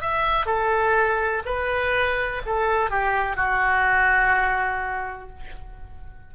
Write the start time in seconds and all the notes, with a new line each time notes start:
0.00 E5
0.45 A4
1.45 B4
2.45 A4
2.90 G4
3.36 F#4